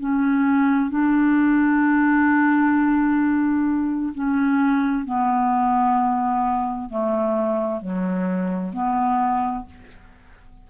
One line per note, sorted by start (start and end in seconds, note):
0.00 0.90 C#4
0.90 4.13 D4
4.15 5.05 C#4
5.05 6.90 B3
6.90 7.81 A3
7.81 8.74 F#3
8.74 9.66 B3